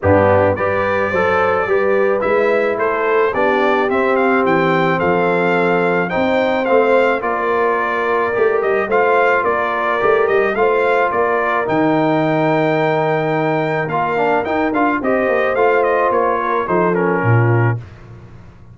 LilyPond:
<<
  \new Staff \with { instrumentName = "trumpet" } { \time 4/4 \tempo 4 = 108 g'4 d''2. | e''4 c''4 d''4 e''8 f''8 | g''4 f''2 g''4 | f''4 d''2~ d''8 dis''8 |
f''4 d''4. dis''8 f''4 | d''4 g''2.~ | g''4 f''4 g''8 f''8 dis''4 | f''8 dis''8 cis''4 c''8 ais'4. | }
  \new Staff \with { instrumentName = "horn" } { \time 4/4 d'4 b'4 c''4 b'4~ | b'4 a'4 g'2~ | g'4 a'2 c''4~ | c''4 ais'2. |
c''4 ais'2 c''4 | ais'1~ | ais'2. c''4~ | c''4. ais'8 a'4 f'4 | }
  \new Staff \with { instrumentName = "trombone" } { \time 4/4 b4 g'4 a'4 g'4 | e'2 d'4 c'4~ | c'2. dis'4 | c'4 f'2 g'4 |
f'2 g'4 f'4~ | f'4 dis'2.~ | dis'4 f'8 d'8 dis'8 f'8 g'4 | f'2 dis'8 cis'4. | }
  \new Staff \with { instrumentName = "tuba" } { \time 4/4 g,4 g4 fis4 g4 | gis4 a4 b4 c'4 | e4 f2 c'4 | a4 ais2 a8 g8 |
a4 ais4 a8 g8 a4 | ais4 dis2.~ | dis4 ais4 dis'8 d'8 c'8 ais8 | a4 ais4 f4 ais,4 | }
>>